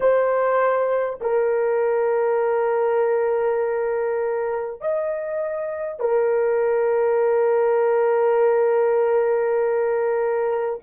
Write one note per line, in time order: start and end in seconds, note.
0.00 1.19 C5
1.20 4.80 A#4
4.80 5.99 D#5
5.99 10.79 A#4